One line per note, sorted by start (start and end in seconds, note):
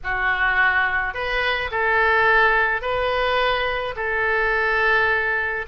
0.03 1.13 F#4
1.13 1.70 B4
1.71 2.81 A4
2.81 3.94 B4
3.96 5.66 A4